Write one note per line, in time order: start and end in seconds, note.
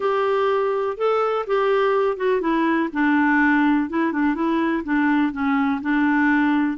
0.00 0.97 G4
0.97 1.45 A4
1.46 2.16 G4
2.16 2.40 F#4
2.40 2.89 E4
2.93 3.89 D4
3.89 4.12 E4
4.12 4.34 D4
4.34 4.83 E4
4.84 5.32 D4
5.32 5.80 C#4
5.81 6.77 D4